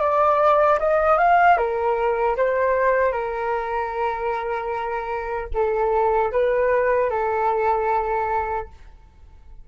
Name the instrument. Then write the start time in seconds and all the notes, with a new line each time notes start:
flute
0.00 D5
0.79 D#5
1.18 F5
1.57 A#4
2.36 C5
3.12 A#4
5.54 A4
6.32 B4
7.10 A4